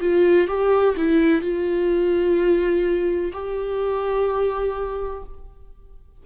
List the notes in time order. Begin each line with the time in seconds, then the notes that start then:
0.00 F4
0.47 G4
0.97 E4
1.41 F4
3.32 G4